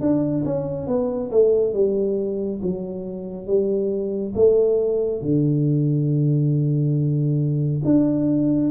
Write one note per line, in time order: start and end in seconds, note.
0.00 0.43 D4
0.45 0.87 C#4
0.87 1.30 B3
1.31 1.73 A3
1.73 2.60 G3
2.62 3.46 F#3
3.46 4.33 G3
4.35 5.21 A3
5.21 7.82 D3
7.85 8.70 D4